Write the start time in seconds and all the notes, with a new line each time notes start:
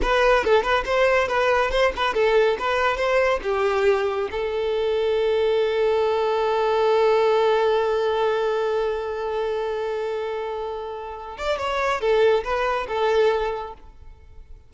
0.01 B4
0.44 A4
0.62 B4
0.85 C5
1.28 B4
1.70 C5
1.95 B4
2.14 A4
2.59 B4
2.96 C5
3.42 G4
4.31 A4
11.37 D5
11.58 C#5
12.00 A4
12.44 B4
12.87 A4